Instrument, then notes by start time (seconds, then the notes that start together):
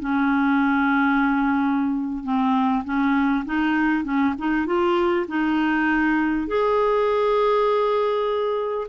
clarinet
0.00 C#4
2.24 C4
2.85 C#4
3.46 D#4
4.04 C#4
4.38 D#4
4.66 F4
5.28 D#4
6.48 G#4